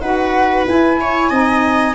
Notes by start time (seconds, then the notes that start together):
0.00 D#4 F#4 B4 F#5
0.67 E4 G#5
1.00 C#5
1.29 C4 D#4 D#5